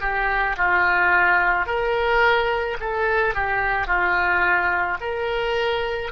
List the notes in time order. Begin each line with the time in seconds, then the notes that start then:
0.00 G4
0.57 F4
1.66 A#4
2.80 A4
3.34 G4
3.86 F4
5.00 A#4